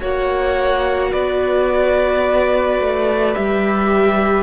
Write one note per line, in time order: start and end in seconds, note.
0.00 1.13 A#3
0.00 3.33 F#4
0.00 1.11 C#5
0.00 1.12 F#5
1.12 2.80 B3
1.12 4.43 B4
1.12 3.34 D5
2.80 3.35 A3
3.33 4.43 G3
3.33 4.43 G4
3.33 4.43 E5